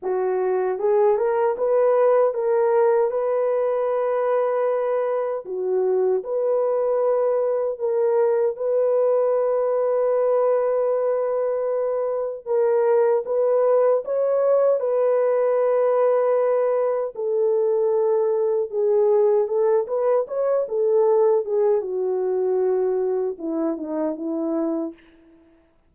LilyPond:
\new Staff \with { instrumentName = "horn" } { \time 4/4 \tempo 4 = 77 fis'4 gis'8 ais'8 b'4 ais'4 | b'2. fis'4 | b'2 ais'4 b'4~ | b'1 |
ais'4 b'4 cis''4 b'4~ | b'2 a'2 | gis'4 a'8 b'8 cis''8 a'4 gis'8 | fis'2 e'8 dis'8 e'4 | }